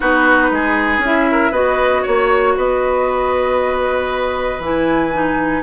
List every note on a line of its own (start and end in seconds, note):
0.00 0.51 B3
0.00 1.02 D#4
0.00 0.49 F#4
0.00 1.03 B4
0.51 0.98 G#3
0.51 1.30 G#4
0.98 1.49 C#4
0.98 1.52 E4
1.04 1.53 E5
1.31 1.51 A#4
1.51 2.02 B3
1.51 4.60 F#4
1.51 2.02 B4
1.51 2.04 D#5
2.02 2.56 A#3
2.02 2.53 C#5
2.02 2.57 C#5
2.56 4.59 B3
2.56 5.62 B4
2.56 4.63 D#5
4.59 5.61 E3
4.59 5.12 E4
4.59 5.62 G#5
5.12 5.62 D#4